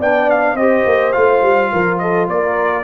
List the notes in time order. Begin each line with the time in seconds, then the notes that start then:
0.00 B3 D4 D5 G5
0.30 F5
0.55 C4 G4 C5 D#5
0.85 A#3
1.13 A3 F4 F5
1.42 G3
1.72 F3 A#4
1.99 A4 D#5
2.29 A#3 A#4 D5